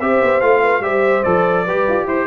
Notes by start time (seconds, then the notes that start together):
0.00 C4 G4 C5 E5
0.22 B3
0.40 A3 F4 F5
0.61 B4
0.80 G3 G4 C5 E5
1.23 F3 A4 D5
1.65 G3 G4 B4
1.88 F4
2.06 E4 C5